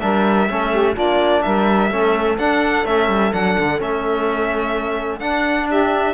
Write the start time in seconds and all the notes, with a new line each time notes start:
0.00 G3 D4 A#4 E5
0.49 A3 C#4 A4
0.71 G4
0.94 A#3 D4 F4 D5
1.42 G3 A#4 E5
1.91 A3 C#4 A4
2.38 D4 F#5
2.85 A3 C#4 E5
3.08 G3
3.32 F#3 D4 F#5
3.59 D3
3.79 A3 C#4 E5
5.20 D4 F#5
5.69 G4 E5